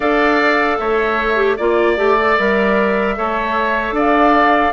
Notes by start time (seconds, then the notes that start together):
0.00 D4 A4 D5 F5
0.78 A3 C#5 E5
1.36 G4
1.56 A#3 F4 D5
1.97 A3 G4
2.20 A4
2.37 G3 A#4 E5
3.16 A3 A4 C#5
3.91 D4 D5 F5